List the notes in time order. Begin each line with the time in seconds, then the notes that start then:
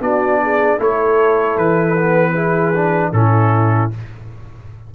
0.00 B3 D4 F#4 D5
0.43 G#4
0.78 A3 E4 A4 C#5
1.57 E3 B4
1.96 B3
2.32 E4 G#4
2.74 D4
3.12 A2 C#4 E4 A4